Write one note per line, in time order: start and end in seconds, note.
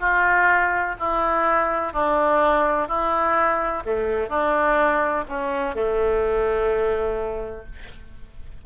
0.00 0.95 F4
1.00 1.93 E4
1.93 2.88 D4
2.88 3.83 E4
3.86 4.29 A3
4.29 5.24 D4
5.29 5.75 C#4
5.75 7.65 A3